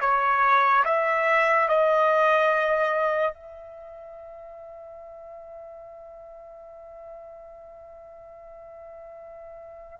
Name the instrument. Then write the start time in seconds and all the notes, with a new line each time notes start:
trumpet
0.00 C#5
0.84 E5
1.68 D#5
3.33 E5